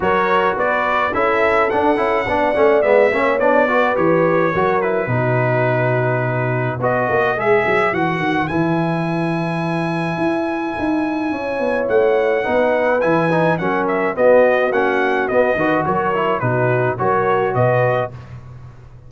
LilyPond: <<
  \new Staff \with { instrumentName = "trumpet" } { \time 4/4 \tempo 4 = 106 cis''4 d''4 e''4 fis''4~ | fis''4 e''4 d''4 cis''4~ | cis''8 b'2.~ b'8 | dis''4 e''4 fis''4 gis''4~ |
gis''1~ | gis''4 fis''2 gis''4 | fis''8 e''8 dis''4 fis''4 dis''4 | cis''4 b'4 cis''4 dis''4 | }
  \new Staff \with { instrumentName = "horn" } { \time 4/4 ais'4 b'4 a'2 | d''4. cis''4 b'4. | ais'4 fis'2. | b'1~ |
b'1 | cis''2 b'2 | ais'4 fis'2~ fis'8 b'8 | ais'4 fis'4 ais'4 b'4 | }
  \new Staff \with { instrumentName = "trombone" } { \time 4/4 fis'2 e'4 d'8 e'8 | d'8 cis'8 b8 cis'8 d'8 fis'8 g'4 | fis'8 e'8 dis'2. | fis'4 gis'4 fis'4 e'4~ |
e'1~ | e'2 dis'4 e'8 dis'8 | cis'4 b4 cis'4 b8 fis'8~ | fis'8 e'8 dis'4 fis'2 | }
  \new Staff \with { instrumentName = "tuba" } { \time 4/4 fis4 b4 cis'4 d'8 cis'8 | b8 a8 gis8 ais8 b4 e4 | fis4 b,2. | b8 ais8 gis8 fis8 e8 dis8 e4~ |
e2 e'4 dis'4 | cis'8 b8 a4 b4 e4 | fis4 b4 ais4 b8 dis8 | fis4 b,4 fis4 b,4 | }
>>